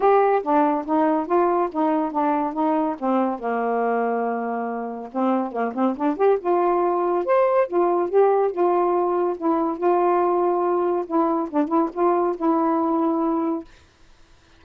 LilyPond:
\new Staff \with { instrumentName = "saxophone" } { \time 4/4 \tempo 4 = 141 g'4 d'4 dis'4 f'4 | dis'4 d'4 dis'4 c'4 | ais1 | c'4 ais8 c'8 d'8 g'8 f'4~ |
f'4 c''4 f'4 g'4 | f'2 e'4 f'4~ | f'2 e'4 d'8 e'8 | f'4 e'2. | }